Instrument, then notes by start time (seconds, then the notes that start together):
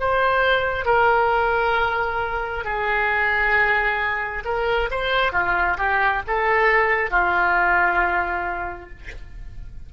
oboe
0.00 C5
0.85 A#4
2.64 G#4
4.45 A#4
4.91 C5
5.32 F4
5.78 G4
6.27 A4
7.10 F4